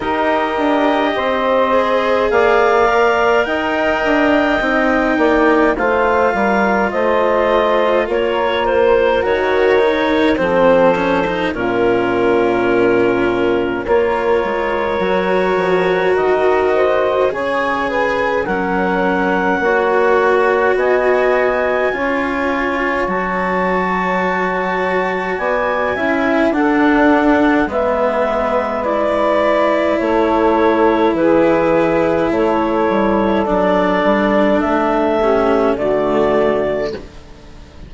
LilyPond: <<
  \new Staff \with { instrumentName = "clarinet" } { \time 4/4 \tempo 4 = 52 dis''2 f''4 g''4~ | g''4 f''4 dis''4 cis''8 c''8 | cis''4 c''4 ais'2 | cis''2 dis''4 gis''4 |
fis''2 gis''2 | a''2 gis''4 fis''4 | e''4 d''4 cis''4 b'4 | cis''4 d''4 e''4 d''4 | }
  \new Staff \with { instrumentName = "saxophone" } { \time 4/4 ais'4 c''4 d''4 dis''4~ | dis''8 d''8 c''8 ais'8 c''4 ais'4~ | ais'4 a'4 f'2 | ais'2~ ais'8 c''8 cis''8 b'8 |
ais'4 cis''4 dis''4 cis''4~ | cis''2 d''8 e''8 a'4 | b'2 a'4 gis'4 | a'2~ a'8 g'8 fis'4 | }
  \new Staff \with { instrumentName = "cello" } { \time 4/4 g'4. gis'4 ais'4. | dis'4 f'2. | fis'8 dis'8 c'8 cis'16 dis'16 cis'2 | f'4 fis'2 gis'4 |
cis'4 fis'2 f'4 | fis'2~ fis'8 e'8 d'4 | b4 e'2.~ | e'4 d'4. cis'8 a4 | }
  \new Staff \with { instrumentName = "bassoon" } { \time 4/4 dis'8 d'8 c'4 ais4 dis'8 d'8 | c'8 ais8 a8 g8 a4 ais4 | dis4 f4 ais,2 | ais8 gis8 fis8 f8 dis4 cis4 |
fis4 ais4 b4 cis'4 | fis2 b8 cis'8 d'4 | gis2 a4 e4 | a8 g8 fis8 g8 a4 d4 | }
>>